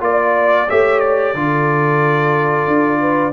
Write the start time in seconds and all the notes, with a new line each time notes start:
0.00 A#3 F4 D5
0.68 A3 G4 C#5 E5
0.99 D5
1.34 D3 F4 A4
2.67 D4
3.00 B4